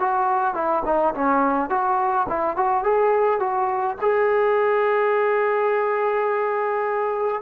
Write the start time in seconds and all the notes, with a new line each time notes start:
0.00 F#4
0.55 E4
0.86 D#4
1.15 C#4
1.70 F#4
2.29 E4
2.57 F#4
2.84 G#4
3.40 F#4
4.02 G#4